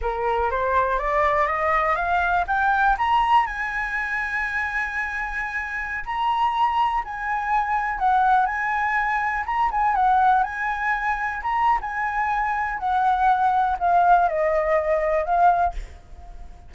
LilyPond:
\new Staff \with { instrumentName = "flute" } { \time 4/4 \tempo 4 = 122 ais'4 c''4 d''4 dis''4 | f''4 g''4 ais''4 gis''4~ | gis''1~ | gis''16 ais''2 gis''4.~ gis''16~ |
gis''16 fis''4 gis''2 ais''8 gis''16~ | gis''16 fis''4 gis''2 ais''8. | gis''2 fis''2 | f''4 dis''2 f''4 | }